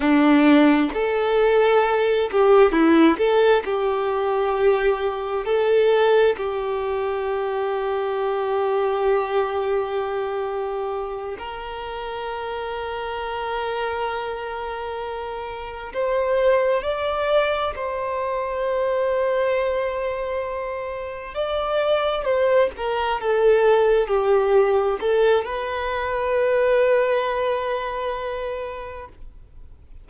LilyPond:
\new Staff \with { instrumentName = "violin" } { \time 4/4 \tempo 4 = 66 d'4 a'4. g'8 e'8 a'8 | g'2 a'4 g'4~ | g'1~ | g'8 ais'2.~ ais'8~ |
ais'4. c''4 d''4 c''8~ | c''2.~ c''8 d''8~ | d''8 c''8 ais'8 a'4 g'4 a'8 | b'1 | }